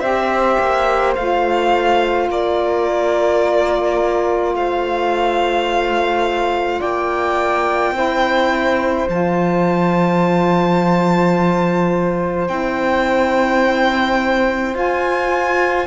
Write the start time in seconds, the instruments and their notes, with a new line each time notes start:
0.00 cello C4, saxophone G4, flute C5, violin E5
0.59 cello A#3
1.15 cello A3, saxophone F4, violin F5
2.29 cello A#3, flute A#4, violin D5
4.54 cello A3, flute C5, violin F5
6.80 cello A#3, flute D5, violin G5
7.92 cello C4, saxophone E4, flute C5
9.09 cello F3, saxophone F4, violin A5
12.47 cello C4, saxophone E4, violin G5
14.72 saxophone F4, cello F4, violin G#5